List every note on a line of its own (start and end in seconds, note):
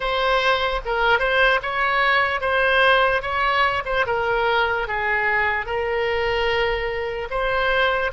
0.00 0.81 C5
0.85 1.19 A#4
1.19 1.60 C5
1.62 2.40 C#5
2.40 3.21 C5
3.22 3.83 C#5
3.85 4.05 C5
4.06 4.87 A#4
4.87 5.66 G#4
5.66 7.28 A#4
7.30 8.11 C5